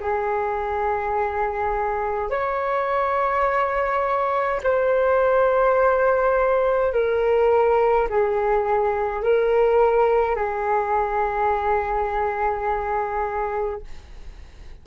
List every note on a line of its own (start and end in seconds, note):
0.00 2.30 G#4
2.30 4.61 C#5
4.63 6.92 C5
6.92 8.08 A#4
8.09 9.23 G#4
9.23 10.35 A#4
10.35 13.81 G#4